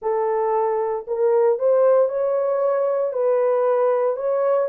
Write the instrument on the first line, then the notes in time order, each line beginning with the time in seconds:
horn
0.01 A4
1.07 A#4
1.58 C5
2.08 C#5
3.13 B4
4.16 C#5